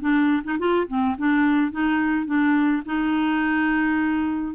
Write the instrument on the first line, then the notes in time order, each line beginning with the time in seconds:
clarinet
0.00 D4
0.43 D#4
0.58 F4
0.87 C4
1.18 D4
1.71 D#4
2.26 D4
2.85 D#4